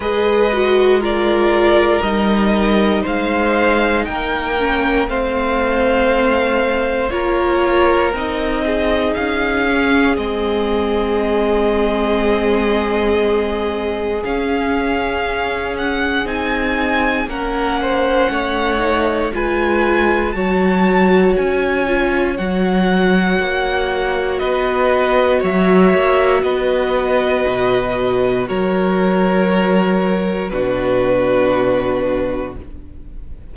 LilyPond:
<<
  \new Staff \with { instrumentName = "violin" } { \time 4/4 \tempo 4 = 59 dis''4 d''4 dis''4 f''4 | g''4 f''2 cis''4 | dis''4 f''4 dis''2~ | dis''2 f''4. fis''8 |
gis''4 fis''2 gis''4 | a''4 gis''4 fis''2 | dis''4 e''4 dis''2 | cis''2 b'2 | }
  \new Staff \with { instrumentName = "violin" } { \time 4/4 b'4 ais'2 c''4 | ais'4 c''2 ais'4~ | ais'8 gis'2.~ gis'8~ | gis'1~ |
gis'4 ais'8 c''8 cis''4 b'4 | cis''1 | b'4 cis''4 b'2 | ais'2 fis'2 | }
  \new Staff \with { instrumentName = "viola" } { \time 4/4 gis'8 fis'8 f'4 dis'2~ | dis'8 cis'8 c'2 f'4 | dis'4. cis'8 c'2~ | c'2 cis'2 |
dis'4 cis'4. dis'8 f'4 | fis'4. f'8 fis'2~ | fis'1~ | fis'2 d'2 | }
  \new Staff \with { instrumentName = "cello" } { \time 4/4 gis2 g4 gis4 | ais4 a2 ais4 | c'4 cis'4 gis2~ | gis2 cis'2 |
c'4 ais4 a4 gis4 | fis4 cis'4 fis4 ais4 | b4 fis8 ais8 b4 b,4 | fis2 b,2 | }
>>